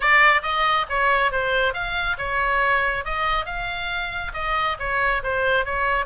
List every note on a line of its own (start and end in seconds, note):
0.00 0.41 D5
0.42 0.85 D#5
0.89 1.31 C#5
1.31 1.73 C5
1.73 2.17 F5
2.18 3.04 C#5
3.04 3.45 D#5
3.45 4.32 F5
4.33 4.77 D#5
4.79 5.22 C#5
5.23 5.65 C5
5.65 6.05 C#5